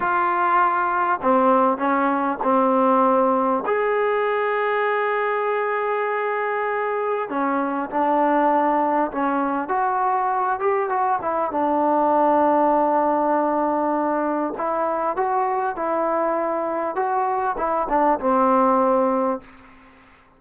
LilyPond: \new Staff \with { instrumentName = "trombone" } { \time 4/4 \tempo 4 = 99 f'2 c'4 cis'4 | c'2 gis'2~ | gis'1 | cis'4 d'2 cis'4 |
fis'4. g'8 fis'8 e'8 d'4~ | d'1 | e'4 fis'4 e'2 | fis'4 e'8 d'8 c'2 | }